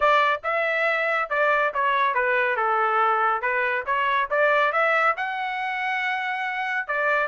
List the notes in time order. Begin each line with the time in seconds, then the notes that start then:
0.00 D5
0.43 E5
1.29 D5
1.74 C#5
2.14 B4
2.56 A4
3.41 B4
3.86 C#5
4.30 D5
4.72 E5
5.16 F#5
6.87 D5